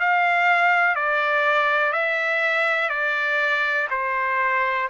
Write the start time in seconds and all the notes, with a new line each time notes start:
0.00 F5
0.96 D5
1.93 E5
2.90 D5
3.90 C5